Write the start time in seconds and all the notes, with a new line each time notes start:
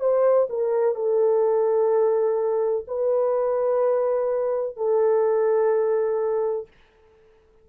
0.00 C5
0.49 A#4
0.95 A4
2.87 B4
4.77 A4